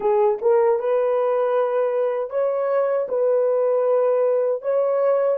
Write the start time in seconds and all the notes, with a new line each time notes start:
0.00 G#4
0.41 A#4
0.79 B4
2.30 C#5
3.08 B4
4.62 C#5